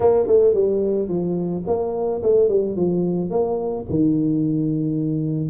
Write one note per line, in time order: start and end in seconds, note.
0.00 0.26 A#3
0.26 0.54 A3
0.54 1.08 G3
1.08 1.63 F3
1.66 2.21 A#3
2.22 2.48 A3
2.48 2.75 G3
2.75 3.30 F3
3.30 3.85 A#3
3.89 5.49 D#3